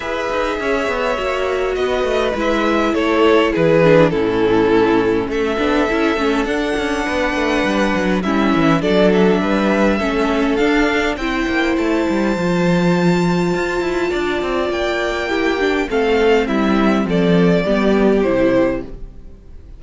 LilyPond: <<
  \new Staff \with { instrumentName = "violin" } { \time 4/4 \tempo 4 = 102 e''2. dis''4 | e''4 cis''4 b'4 a'4~ | a'4 e''2 fis''4~ | fis''2 e''4 d''8 e''8~ |
e''2 f''4 g''4 | a''1~ | a''4 g''2 f''4 | e''4 d''2 c''4 | }
  \new Staff \with { instrumentName = "violin" } { \time 4/4 b'4 cis''2 b'4~ | b'4 a'4 gis'4 e'4~ | e'4 a'2. | b'2 e'4 a'4 |
b'4 a'2 c''4~ | c''1 | d''2 g'4 a'4 | e'4 a'4 g'2 | }
  \new Staff \with { instrumentName = "viola" } { \time 4/4 gis'2 fis'2 | e'2~ e'8 d'8 cis'4~ | cis'4. d'8 e'8 cis'8 d'4~ | d'2 cis'4 d'4~ |
d'4 cis'4 d'4 e'4~ | e'4 f'2.~ | f'2 e'8 d'8 c'4~ | c'2 b4 e'4 | }
  \new Staff \with { instrumentName = "cello" } { \time 4/4 e'8 dis'8 cis'8 b8 ais4 b8 a8 | gis4 a4 e4 a,4~ | a,4 a8 b8 cis'8 a8 d'8 cis'8 | b8 a8 g8 fis8 g8 e8 fis4 |
g4 a4 d'4 c'8 ais8 | a8 g8 f2 f'8 e'8 | d'8 c'8 ais2 a4 | g4 f4 g4 c4 | }
>>